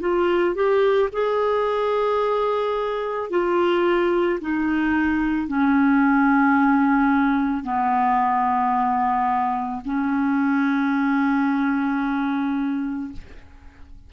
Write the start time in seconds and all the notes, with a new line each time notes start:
0.00 F4
0.55 G4
1.12 G#4
3.30 F4
4.41 D#4
5.47 C#4
7.63 B3
9.85 C#4